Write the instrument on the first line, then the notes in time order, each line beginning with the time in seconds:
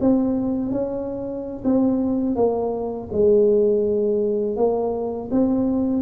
tuba
0.00 C4
0.71 C#4
1.64 C4
2.35 A#3
3.11 G#3
4.56 A#3
5.31 C4